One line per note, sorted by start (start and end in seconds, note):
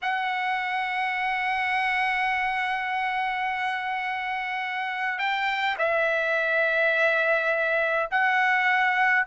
0.02 5.18 F#5
5.18 5.76 G5
5.78 8.09 E5
8.10 9.26 F#5